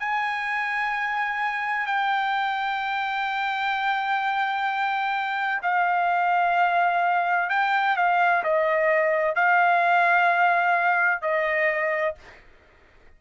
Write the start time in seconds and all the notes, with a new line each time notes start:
0.00 G#5
1.87 G5
5.63 F5
7.50 G5
7.97 F5
8.44 D#5
9.35 F5
11.22 D#5